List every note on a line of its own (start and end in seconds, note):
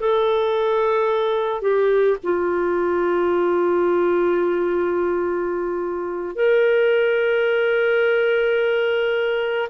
0.00 1.62 A4
1.62 2.17 G4
2.23 6.35 F4
6.35 9.69 A#4